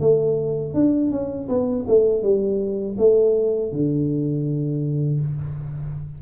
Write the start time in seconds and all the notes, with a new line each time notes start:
0.00 A3
0.74 D4
1.11 C#4
1.48 B3
1.88 A3
2.23 G3
2.98 A3
3.72 D3